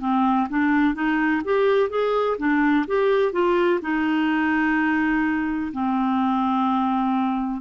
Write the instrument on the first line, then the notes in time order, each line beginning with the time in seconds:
clarinet
0.00 C4
0.49 D4
0.94 D#4
1.44 G4
1.90 G#4
2.38 D4
2.87 G4
3.32 F4
3.81 D#4
5.72 C4